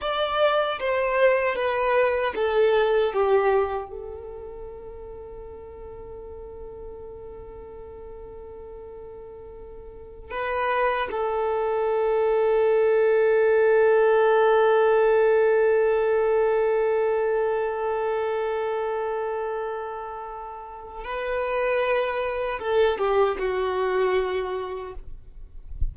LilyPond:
\new Staff \with { instrumentName = "violin" } { \time 4/4 \tempo 4 = 77 d''4 c''4 b'4 a'4 | g'4 a'2.~ | a'1~ | a'4~ a'16 b'4 a'4.~ a'16~ |
a'1~ | a'1~ | a'2. b'4~ | b'4 a'8 g'8 fis'2 | }